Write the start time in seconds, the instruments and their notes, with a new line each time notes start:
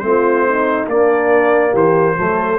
0.00 tuba A3, trombone C4, trumpet C5
0.06 horn F4
0.48 horn D#4
0.87 tuba A#3, trombone A#3, horn D4, trumpet D5
1.71 tuba E3, horn G4, trumpet C5
2.18 tuba F#3, trombone A3, horn A4